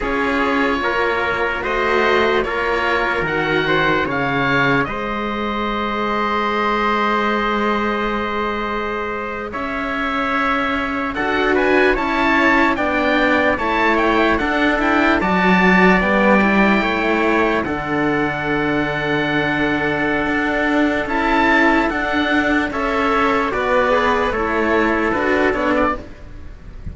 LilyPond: <<
  \new Staff \with { instrumentName = "oboe" } { \time 4/4 \tempo 4 = 74 cis''2 dis''4 cis''4 | fis''4 f''4 dis''2~ | dis''2.~ dis''8. e''16~ | e''4.~ e''16 fis''8 gis''8 a''4 g''16~ |
g''8. a''8 g''8 fis''8 g''8 a''4 g''16~ | g''4.~ g''16 fis''2~ fis''16~ | fis''2 a''4 fis''4 | e''4 d''4 cis''4 b'8 cis''16 d''16 | }
  \new Staff \with { instrumentName = "trumpet" } { \time 4/4 gis'4 ais'4 c''4 ais'4~ | ais'8 c''8 cis''4 c''2~ | c''2.~ c''8. cis''16~ | cis''4.~ cis''16 a'8 b'8 cis''4 d''16~ |
d''8. cis''4 a'4 d''4~ d''16~ | d''8. cis''4 a'2~ a'16~ | a'1 | cis''4 fis'8 gis'8 a'2 | }
  \new Staff \with { instrumentName = "cello" } { \time 4/4 f'2 fis'4 f'4 | fis'4 gis'2.~ | gis'1~ | gis'4.~ gis'16 fis'4 e'4 d'16~ |
d'8. e'4 d'8 e'8 fis'4 b16~ | b16 e'4. d'2~ d'16~ | d'2 e'4 d'4 | a'4 b'4 e'4 fis'8 d'8 | }
  \new Staff \with { instrumentName = "cello" } { \time 4/4 cis'4 ais4 a4 ais4 | dis4 cis4 gis2~ | gis2.~ gis8. cis'16~ | cis'4.~ cis'16 d'4 cis'4 b16~ |
b8. a4 d'4 fis4 g16~ | g8. a4 d2~ d16~ | d4 d'4 cis'4 d'4 | cis'4 b4 a4 d'8 b8 | }
>>